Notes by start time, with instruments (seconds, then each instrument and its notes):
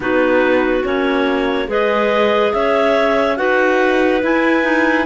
0.00 cello B3, clarinet D#4 F#4 B4
0.83 cello A#3, clarinet C#4 C#5
1.67 cello G#3, clarinet G#4 B4 D#5
2.52 cello C#4, clarinet C#5 E5
3.36 cello D#4, clarinet F#4 B4 F#5
4.21 clarinet E4 G#5, cello E4
4.62 clarinet D#4